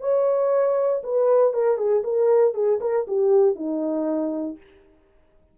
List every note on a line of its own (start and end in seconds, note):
0.00 1.02 C#5
1.03 1.53 B4
1.53 1.77 A#4
1.77 2.02 G#4
2.04 2.54 A#4
2.54 2.79 G#4
2.81 3.06 A#4
3.07 3.55 G4
3.55 4.57 D#4